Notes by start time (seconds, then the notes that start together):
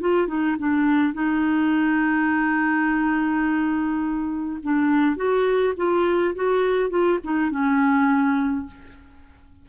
0.00 F4
0.27 D#4
0.58 D4
1.13 D#4
4.63 D4
5.16 F#4
5.77 F4
6.35 F#4
6.89 F4
7.24 D#4
7.51 C#4